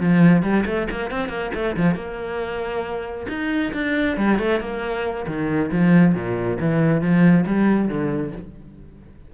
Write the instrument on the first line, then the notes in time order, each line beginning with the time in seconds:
cello
0.00 F3
0.43 G3
0.66 A3
0.91 A#3
1.11 C4
1.29 A#3
1.54 A3
1.77 F3
1.95 A#3
3.29 D#4
3.74 D4
4.17 G3
4.39 A3
4.60 A#3
5.27 D#3
5.72 F3
6.15 A#2
6.60 E3
7.01 F3
7.46 G3
7.89 D3